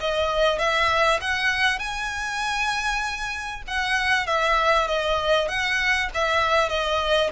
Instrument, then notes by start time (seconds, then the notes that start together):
violin
0.00 D#5
0.58 E5
1.21 F#5
1.79 G#5
3.67 F#5
4.27 E5
4.88 D#5
5.48 F#5
6.14 E5
6.69 D#5